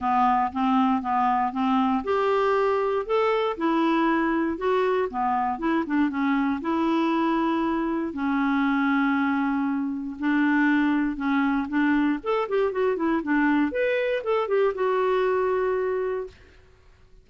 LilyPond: \new Staff \with { instrumentName = "clarinet" } { \time 4/4 \tempo 4 = 118 b4 c'4 b4 c'4 | g'2 a'4 e'4~ | e'4 fis'4 b4 e'8 d'8 | cis'4 e'2. |
cis'1 | d'2 cis'4 d'4 | a'8 g'8 fis'8 e'8 d'4 b'4 | a'8 g'8 fis'2. | }